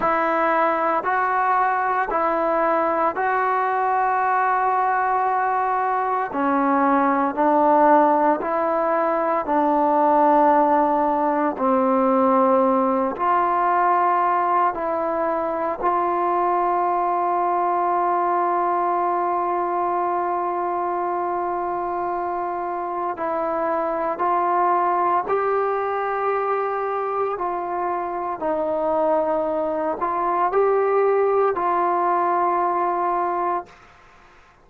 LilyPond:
\new Staff \with { instrumentName = "trombone" } { \time 4/4 \tempo 4 = 57 e'4 fis'4 e'4 fis'4~ | fis'2 cis'4 d'4 | e'4 d'2 c'4~ | c'8 f'4. e'4 f'4~ |
f'1~ | f'2 e'4 f'4 | g'2 f'4 dis'4~ | dis'8 f'8 g'4 f'2 | }